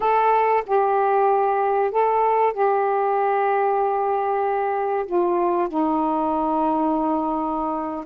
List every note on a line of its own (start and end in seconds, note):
0.00 0.63 A4
0.66 1.91 G4
1.91 2.53 A4
2.53 5.05 G4
5.06 5.68 F4
5.68 8.05 D#4